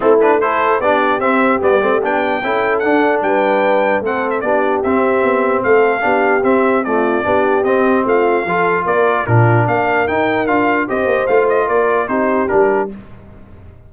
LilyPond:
<<
  \new Staff \with { instrumentName = "trumpet" } { \time 4/4 \tempo 4 = 149 a'8 b'8 c''4 d''4 e''4 | d''4 g''2 fis''4 | g''2 fis''8. e''16 d''4 | e''2 f''2 |
e''4 d''2 dis''4 | f''2 d''4 ais'4 | f''4 g''4 f''4 dis''4 | f''8 dis''8 d''4 c''4 ais'4 | }
  \new Staff \with { instrumentName = "horn" } { \time 4/4 e'4 a'4 g'2~ | g'2 a'2 | b'2 a'4 g'4~ | g'2 a'4 g'4~ |
g'4 f'4 g'2 | f'4 a'4 ais'4 f'4 | ais'2. c''4~ | c''4 ais'4 g'2 | }
  \new Staff \with { instrumentName = "trombone" } { \time 4/4 c'8 d'8 e'4 d'4 c'4 | b8 c'8 d'4 e'4 d'4~ | d'2 c'4 d'4 | c'2. d'4 |
c'4 a4 d'4 c'4~ | c'4 f'2 d'4~ | d'4 dis'4 f'4 g'4 | f'2 dis'4 d'4 | }
  \new Staff \with { instrumentName = "tuba" } { \time 4/4 a2 b4 c'4 | g8 a8 b4 cis'4 d'4 | g2 a4 b4 | c'4 b4 a4 b4 |
c'2 b4 c'4 | a4 f4 ais4 ais,4 | ais4 dis'4 d'4 c'8 ais8 | a4 ais4 c'4 g4 | }
>>